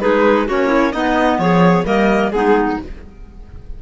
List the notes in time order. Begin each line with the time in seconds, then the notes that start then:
0.00 G#3 D#4 G#4 B4
0.46 A#3 C#4 F#4 C#5
0.67 E4
0.92 B3 D#4 D#5
1.38 F3 G#4 C#5
1.85 G3 A#3 A#4 D#5
2.31 G#3 B3 D#4 G#4